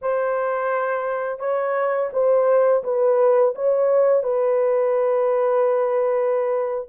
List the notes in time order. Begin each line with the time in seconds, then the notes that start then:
0.01 C5
1.39 C#5
2.12 C5
2.83 B4
3.55 C#5
4.23 B4